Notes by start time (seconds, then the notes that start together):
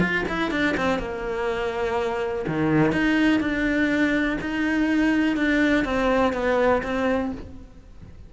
0.00 F4
0.28 E4
0.51 D4
0.77 C4
0.99 A#3
2.47 D#3
2.92 D#4
3.40 D4
4.41 D#4
5.36 D4
5.84 C4
6.33 B3
6.83 C4